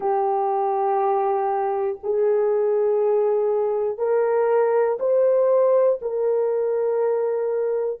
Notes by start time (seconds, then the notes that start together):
0.00 G4
2.03 G#4
3.98 A#4
4.99 C5
6.01 A#4